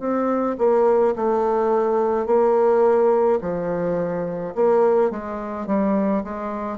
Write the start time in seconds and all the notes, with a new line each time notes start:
0.00 C4
0.59 A#3
1.16 A3
2.27 A#3
3.42 F3
4.55 A#3
5.11 G#3
5.67 G3
6.25 G#3